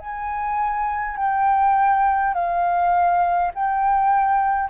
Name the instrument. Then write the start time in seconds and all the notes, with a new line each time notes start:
flute
0.00 G#5
1.17 G5
2.34 F5
3.55 G5